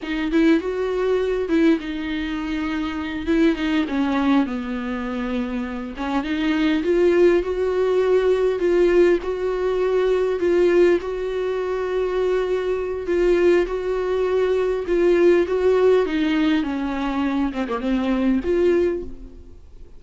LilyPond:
\new Staff \with { instrumentName = "viola" } { \time 4/4 \tempo 4 = 101 dis'8 e'8 fis'4. e'8 dis'4~ | dis'4. e'8 dis'8 cis'4 b8~ | b2 cis'8 dis'4 f'8~ | f'8 fis'2 f'4 fis'8~ |
fis'4. f'4 fis'4.~ | fis'2 f'4 fis'4~ | fis'4 f'4 fis'4 dis'4 | cis'4. c'16 ais16 c'4 f'4 | }